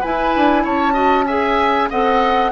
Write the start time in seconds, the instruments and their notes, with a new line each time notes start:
0.00 clarinet E4, bassoon E4, oboe B4, flute G#5
0.36 bassoon D4
0.64 bassoon C#4, oboe C#5, flute A5
0.93 clarinet F#4, oboe D#5
1.26 clarinet G#4, oboe E5, flute G#5
1.90 bassoon C4, clarinet A4, oboe D#5, flute F#5